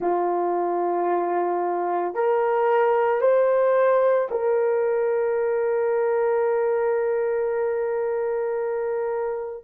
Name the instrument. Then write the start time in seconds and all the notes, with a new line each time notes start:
horn
0.00 F4
2.14 A#4
3.21 C5
4.31 A#4